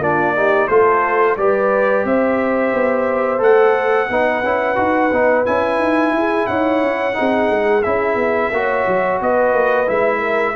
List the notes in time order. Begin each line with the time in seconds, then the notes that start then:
0.00 A#3 D4 F4 D5
0.36 D#4 G4
0.68 A3 F4 A4 C5
1.37 G3 G4 B4 D5
2.05 C4 C5 E5
2.74 B3
3.39 A3 A4 F#5
4.10 B3 D#4 B4
4.43 C#4 E4
4.76 D#4 F#4
5.12 B3 D#4
5.46 C#4 E4 G#5
5.79 D#4
6.12 E4
6.18 G#4
6.47 D#4 C#5 F#5
6.83 C#4
7.14 C4 D#4 G#4
7.51 G#3
7.83 C#4 E4 E5
8.16 B3
8.52 A#3 F#4 C#5
8.87 F#3
9.20 B3 B4 D#5
9.54 A#3
9.87 G#3 E4 E5
10.20 A#4